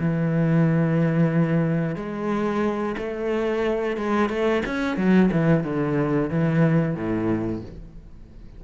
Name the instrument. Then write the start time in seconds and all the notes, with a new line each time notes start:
cello
0.00 E3
1.96 G#3
2.98 A3
3.98 G#3
4.30 A3
4.66 C#4
4.97 F#3
5.32 E3
5.64 D3
6.30 E3
6.96 A2